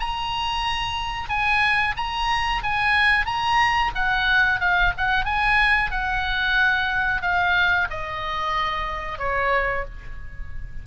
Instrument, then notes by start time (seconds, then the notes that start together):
oboe
0.00 A#5
1.29 G#5
1.97 A#5
2.63 G#5
3.26 A#5
3.95 F#5
4.60 F5
4.98 F#5
5.25 G#5
5.91 F#5
7.22 F5
7.91 D#5
9.19 C#5